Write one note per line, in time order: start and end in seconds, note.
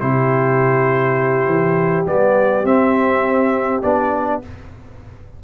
0.00 1.47 C3
0.00 2.06 E4
0.00 4.44 G4
0.00 2.06 C5
1.47 2.05 E3
2.06 2.64 G3
2.06 2.65 B3
2.06 2.66 D5
2.64 3.82 C4
2.64 3.82 E5
3.82 4.43 B3
3.82 4.42 D4
3.82 4.41 D5